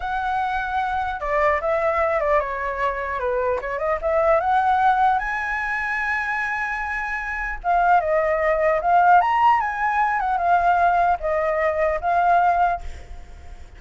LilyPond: \new Staff \with { instrumentName = "flute" } { \time 4/4 \tempo 4 = 150 fis''2. d''4 | e''4. d''8 cis''2 | b'4 cis''8 dis''8 e''4 fis''4~ | fis''4 gis''2.~ |
gis''2. f''4 | dis''2 f''4 ais''4 | gis''4. fis''8 f''2 | dis''2 f''2 | }